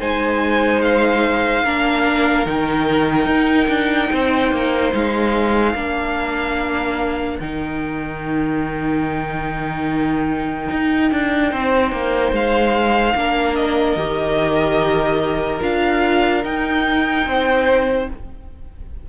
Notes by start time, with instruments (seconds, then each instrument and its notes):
0.00 cello G#3, viola D#4, violin C5 G#5
0.82 violin F5
1.64 cello A#3, viola D4, violin A#4
2.46 cello D#3, viola D#4, violin G5
3.27 cello D#4
3.68 cello D4
4.13 cello C4, violin C5
4.52 cello A#3
4.94 cello G#3, violin F5
5.75 cello A#3, viola D4, violin A#4
7.40 cello D#3, viola D#4, violin G5
10.71 cello D#4
11.12 cello D4
11.52 cello C4, violin C5
11.92 cello A#3
12.33 cello G#3, violin F5
13.16 cello A#3, viola D4, violin A#4
13.56 violin D#5
13.97 cello D#3, viola G4
15.61 cello D4, viola F4, violin F5
16.45 cello D#4, viola D#4, violin G5
17.26 cello C4, violin C5